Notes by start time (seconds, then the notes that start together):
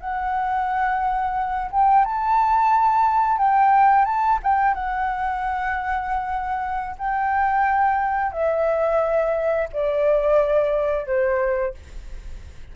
0.00 F#5
1.71 G5
2.05 A5
3.38 G5
4.05 A5
4.43 G5
4.74 F#5
6.98 G5
8.32 E5
9.73 D5
11.06 C5